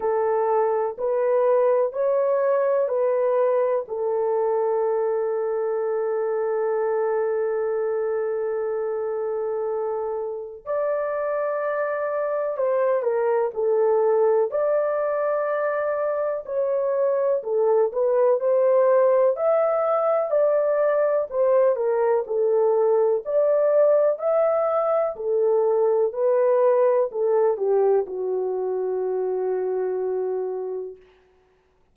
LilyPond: \new Staff \with { instrumentName = "horn" } { \time 4/4 \tempo 4 = 62 a'4 b'4 cis''4 b'4 | a'1~ | a'2. d''4~ | d''4 c''8 ais'8 a'4 d''4~ |
d''4 cis''4 a'8 b'8 c''4 | e''4 d''4 c''8 ais'8 a'4 | d''4 e''4 a'4 b'4 | a'8 g'8 fis'2. | }